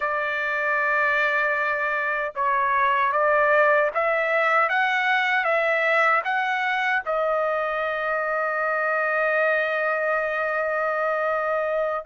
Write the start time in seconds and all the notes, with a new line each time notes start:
0.00 D5
2.35 C#5
3.12 D5
3.94 E5
4.69 F#5
5.44 E5
6.24 F#5
7.05 D#5